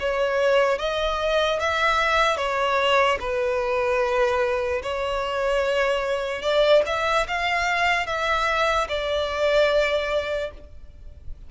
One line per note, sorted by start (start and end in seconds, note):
0.00 0.79 C#5
0.79 1.60 D#5
1.60 2.37 E5
2.37 3.18 C#5
3.20 4.82 B4
4.83 6.42 C#5
6.42 6.83 D5
6.87 7.27 E5
7.28 8.07 F5
8.07 8.88 E5
8.89 10.51 D5